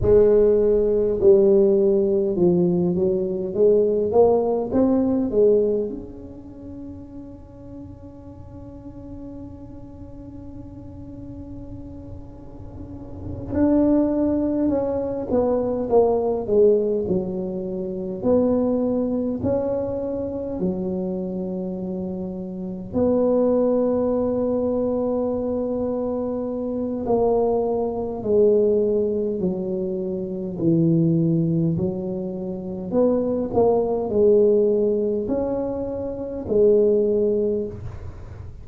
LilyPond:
\new Staff \with { instrumentName = "tuba" } { \time 4/4 \tempo 4 = 51 gis4 g4 f8 fis8 gis8 ais8 | c'8 gis8 cis'2.~ | cis'2.~ cis'8 d'8~ | d'8 cis'8 b8 ais8 gis8 fis4 b8~ |
b8 cis'4 fis2 b8~ | b2. ais4 | gis4 fis4 e4 fis4 | b8 ais8 gis4 cis'4 gis4 | }